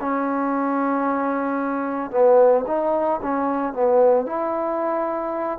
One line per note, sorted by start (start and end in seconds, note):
0.00 2.10 C#4
2.10 2.64 B3
2.66 3.20 D#4
3.22 3.73 C#4
3.73 4.26 B3
4.26 5.59 E4